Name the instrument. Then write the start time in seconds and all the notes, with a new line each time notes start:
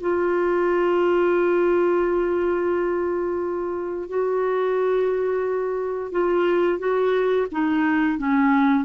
clarinet
0.00 F4
4.09 F#4
6.11 F4
6.78 F#4
7.51 D#4
8.18 C#4